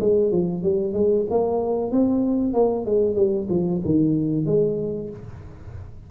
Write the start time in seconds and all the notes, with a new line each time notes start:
0.00 G#3
0.32 F3
0.64 G3
0.94 G#3
1.31 A#3
1.92 C4
2.54 A#3
2.86 G#3
3.16 G3
3.50 F3
3.85 D#3
4.47 G#3